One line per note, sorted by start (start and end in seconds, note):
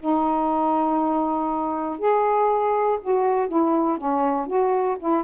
0.00 1.99 D#4
1.99 2.99 G#4
3.02 3.48 F#4
3.48 3.98 E4
3.98 4.47 C#4
4.47 4.97 F#4
5.00 5.24 E4